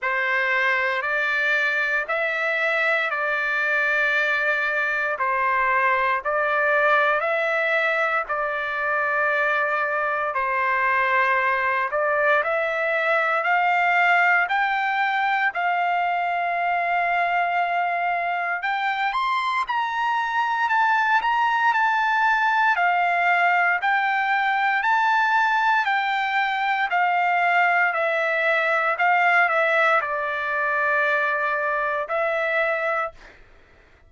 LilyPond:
\new Staff \with { instrumentName = "trumpet" } { \time 4/4 \tempo 4 = 58 c''4 d''4 e''4 d''4~ | d''4 c''4 d''4 e''4 | d''2 c''4. d''8 | e''4 f''4 g''4 f''4~ |
f''2 g''8 c'''8 ais''4 | a''8 ais''8 a''4 f''4 g''4 | a''4 g''4 f''4 e''4 | f''8 e''8 d''2 e''4 | }